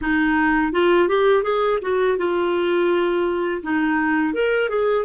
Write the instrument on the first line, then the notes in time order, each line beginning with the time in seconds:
clarinet
0.01 D#4
0.72 F4
1.08 G4
1.43 G#4
1.81 F#4
2.17 F4
3.62 D#4
4.33 A#4
4.69 G#4